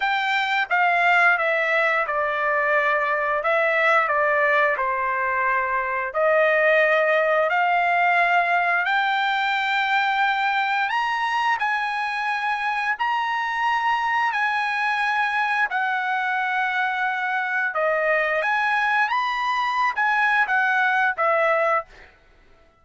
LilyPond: \new Staff \with { instrumentName = "trumpet" } { \time 4/4 \tempo 4 = 88 g''4 f''4 e''4 d''4~ | d''4 e''4 d''4 c''4~ | c''4 dis''2 f''4~ | f''4 g''2. |
ais''4 gis''2 ais''4~ | ais''4 gis''2 fis''4~ | fis''2 dis''4 gis''4 | b''4~ b''16 gis''8. fis''4 e''4 | }